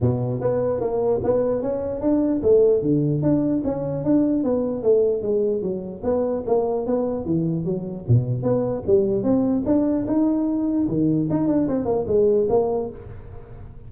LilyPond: \new Staff \with { instrumentName = "tuba" } { \time 4/4 \tempo 4 = 149 b,4 b4 ais4 b4 | cis'4 d'4 a4 d4 | d'4 cis'4 d'4 b4 | a4 gis4 fis4 b4 |
ais4 b4 e4 fis4 | b,4 b4 g4 c'4 | d'4 dis'2 dis4 | dis'8 d'8 c'8 ais8 gis4 ais4 | }